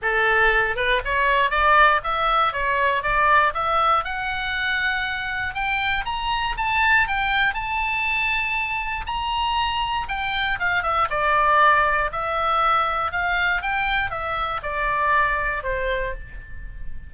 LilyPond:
\new Staff \with { instrumentName = "oboe" } { \time 4/4 \tempo 4 = 119 a'4. b'8 cis''4 d''4 | e''4 cis''4 d''4 e''4 | fis''2. g''4 | ais''4 a''4 g''4 a''4~ |
a''2 ais''2 | g''4 f''8 e''8 d''2 | e''2 f''4 g''4 | e''4 d''2 c''4 | }